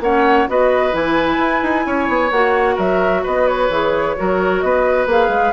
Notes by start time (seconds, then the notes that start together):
0.00 A#3 C#4 C#5 F#5
0.47 B3 F#4 B4 D#5
0.91 E3 E4 G#5
1.38 E4
1.62 D#4
1.85 C#4 C#5
2.08 B3
2.31 A#3 F#4 F#5
2.75 F#3 A#4 E5
3.23 B3 B4 D#5
3.47 C#5
3.69 E3 G#4
4.17 F#3 F#4 A#4
4.60 B3 B4 D#5
5.06 A#3 G#4 F5
5.28 G#3